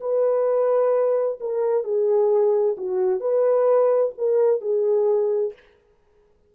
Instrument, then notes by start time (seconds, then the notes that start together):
horn
0.00 B4
1.40 A#4
1.84 G#4
2.77 F#4
3.20 B4
4.18 A#4
4.61 G#4